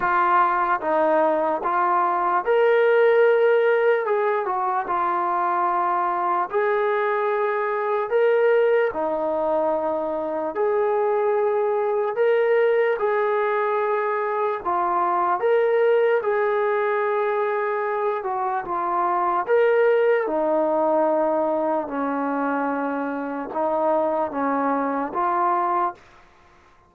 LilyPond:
\new Staff \with { instrumentName = "trombone" } { \time 4/4 \tempo 4 = 74 f'4 dis'4 f'4 ais'4~ | ais'4 gis'8 fis'8 f'2 | gis'2 ais'4 dis'4~ | dis'4 gis'2 ais'4 |
gis'2 f'4 ais'4 | gis'2~ gis'8 fis'8 f'4 | ais'4 dis'2 cis'4~ | cis'4 dis'4 cis'4 f'4 | }